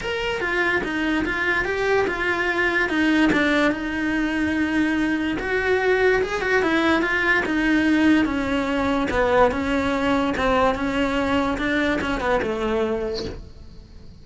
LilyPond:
\new Staff \with { instrumentName = "cello" } { \time 4/4 \tempo 4 = 145 ais'4 f'4 dis'4 f'4 | g'4 f'2 dis'4 | d'4 dis'2.~ | dis'4 fis'2 gis'8 fis'8 |
e'4 f'4 dis'2 | cis'2 b4 cis'4~ | cis'4 c'4 cis'2 | d'4 cis'8 b8 a2 | }